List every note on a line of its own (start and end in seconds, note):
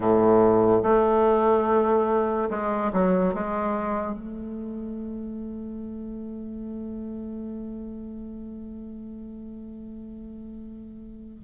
0.00 0.82 A2
0.82 2.49 A3
2.50 2.91 G#3
2.92 3.33 F#3
3.33 4.14 G#3
4.14 11.43 A3